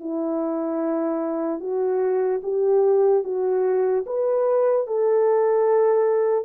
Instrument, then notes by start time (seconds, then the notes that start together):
horn
0.00 E4
1.60 F#4
2.43 G4
3.24 F#4
4.06 B4
4.87 A4